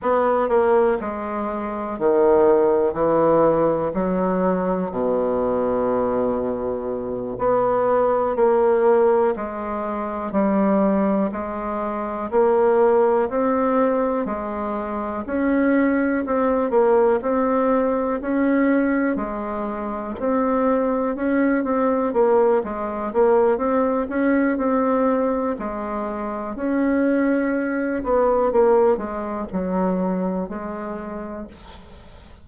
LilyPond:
\new Staff \with { instrumentName = "bassoon" } { \time 4/4 \tempo 4 = 61 b8 ais8 gis4 dis4 e4 | fis4 b,2~ b,8 b8~ | b8 ais4 gis4 g4 gis8~ | gis8 ais4 c'4 gis4 cis'8~ |
cis'8 c'8 ais8 c'4 cis'4 gis8~ | gis8 c'4 cis'8 c'8 ais8 gis8 ais8 | c'8 cis'8 c'4 gis4 cis'4~ | cis'8 b8 ais8 gis8 fis4 gis4 | }